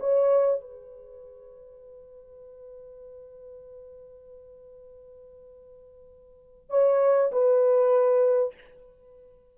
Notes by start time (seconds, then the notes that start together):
0.00 C#5
0.61 B4
6.70 C#5
7.32 B4